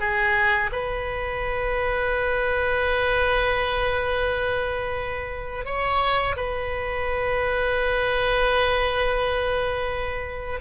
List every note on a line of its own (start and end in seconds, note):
0.00 0.71 G#4
0.72 5.65 B4
5.65 6.36 C#5
6.37 10.60 B4